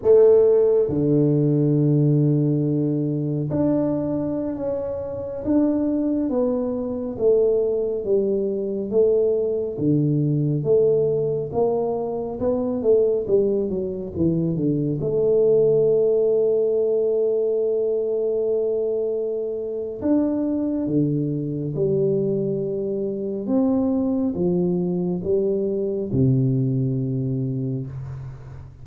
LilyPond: \new Staff \with { instrumentName = "tuba" } { \time 4/4 \tempo 4 = 69 a4 d2. | d'4~ d'16 cis'4 d'4 b8.~ | b16 a4 g4 a4 d8.~ | d16 a4 ais4 b8 a8 g8 fis16~ |
fis16 e8 d8 a2~ a8.~ | a2. d'4 | d4 g2 c'4 | f4 g4 c2 | }